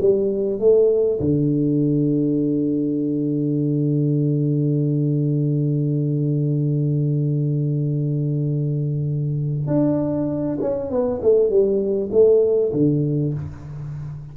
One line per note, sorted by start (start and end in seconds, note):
0.00 0.59 G3
0.59 1.20 A3
1.20 9.67 D3
9.67 10.58 D4
10.61 10.90 C#4
10.90 11.20 B3
11.22 11.50 A3
11.50 12.10 G3
12.12 12.72 A3
12.73 13.33 D3